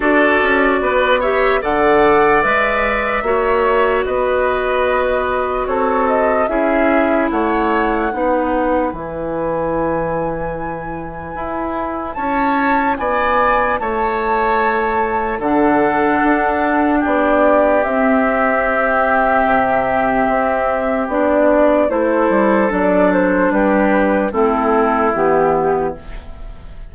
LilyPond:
<<
  \new Staff \with { instrumentName = "flute" } { \time 4/4 \tempo 4 = 74 d''4. e''8 fis''4 e''4~ | e''4 dis''2 cis''8 dis''8 | e''4 fis''2 gis''4~ | gis''2. a''4 |
gis''4 a''2 fis''4~ | fis''4 d''4 e''2~ | e''2 d''4 c''4 | d''8 c''8 b'4 a'4 g'4 | }
  \new Staff \with { instrumentName = "oboe" } { \time 4/4 a'4 b'8 cis''8 d''2 | cis''4 b'2 a'4 | gis'4 cis''4 b'2~ | b'2. cis''4 |
d''4 cis''2 a'4~ | a'4 g'2.~ | g'2. a'4~ | a'4 g'4 e'2 | }
  \new Staff \with { instrumentName = "clarinet" } { \time 4/4 fis'4. g'8 a'4 b'4 | fis'1 | e'2 dis'4 e'4~ | e'1~ |
e'2. d'4~ | d'2 c'2~ | c'2 d'4 e'4 | d'2 c'4 b4 | }
  \new Staff \with { instrumentName = "bassoon" } { \time 4/4 d'8 cis'8 b4 d4 gis4 | ais4 b2 c'4 | cis'4 a4 b4 e4~ | e2 e'4 cis'4 |
b4 a2 d4 | d'4 b4 c'2 | c4 c'4 b4 a8 g8 | fis4 g4 a4 e4 | }
>>